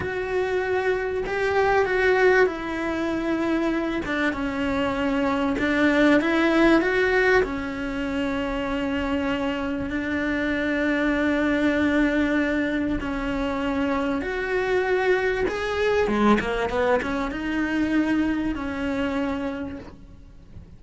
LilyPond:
\new Staff \with { instrumentName = "cello" } { \time 4/4 \tempo 4 = 97 fis'2 g'4 fis'4 | e'2~ e'8 d'8 cis'4~ | cis'4 d'4 e'4 fis'4 | cis'1 |
d'1~ | d'4 cis'2 fis'4~ | fis'4 gis'4 gis8 ais8 b8 cis'8 | dis'2 cis'2 | }